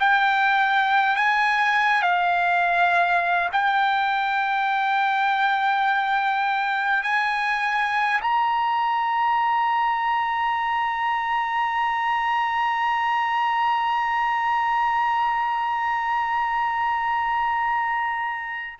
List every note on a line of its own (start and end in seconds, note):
0.00 1.17 G5
1.17 2.03 G#5
2.03 3.50 F5
3.52 7.03 G5
7.03 8.21 G#5
8.21 18.80 A#5